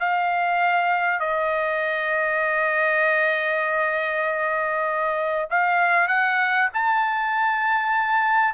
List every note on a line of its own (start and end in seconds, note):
0.00 1.20 F5
1.20 5.49 D#5
5.50 6.08 F5
6.08 6.69 F#5
6.74 8.54 A5